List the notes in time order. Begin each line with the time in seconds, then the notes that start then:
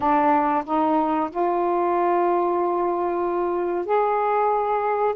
0.00 D4
0.65 D#4
1.30 F4
3.85 G#4